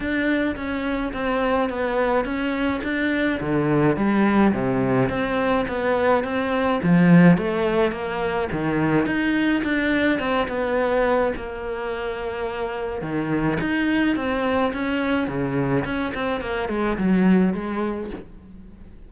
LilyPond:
\new Staff \with { instrumentName = "cello" } { \time 4/4 \tempo 4 = 106 d'4 cis'4 c'4 b4 | cis'4 d'4 d4 g4 | c4 c'4 b4 c'4 | f4 a4 ais4 dis4 |
dis'4 d'4 c'8 b4. | ais2. dis4 | dis'4 c'4 cis'4 cis4 | cis'8 c'8 ais8 gis8 fis4 gis4 | }